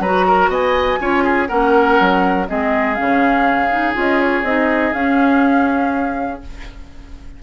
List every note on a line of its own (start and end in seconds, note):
0.00 0.49 F#3
0.00 1.01 F#4
0.00 0.26 B4
0.00 0.51 A#5
0.28 0.51 A#4
0.49 0.98 B3
0.49 1.00 D#5
0.49 1.48 G#5
1.01 1.50 C#4
1.01 1.48 F4
1.01 1.24 C#5
1.24 1.48 G#4
1.48 2.00 A#3
1.48 2.46 C#4
1.48 2.47 A#4
1.48 2.46 F#5
2.01 2.50 F#3
2.48 3.00 G#3
2.48 2.97 C4
2.48 6.43 G#4
2.48 2.95 D#5
2.95 3.97 C#3
2.95 3.70 C#4
2.95 3.94 F5
3.71 3.95 D#4
3.95 4.44 C#4
3.95 4.44 F4
3.95 4.21 D#5
4.21 4.45 C#5
4.44 4.93 C4
4.44 4.95 D#4
4.44 4.94 D#5
4.94 6.42 C#4
4.94 6.41 F5